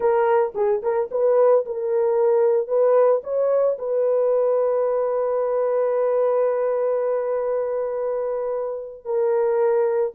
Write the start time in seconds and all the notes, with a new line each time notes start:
0.00 A#4
0.54 G#4
0.82 A#4
1.11 B4
1.65 A#4
2.67 B4
3.23 C#5
3.78 B4
9.04 A#4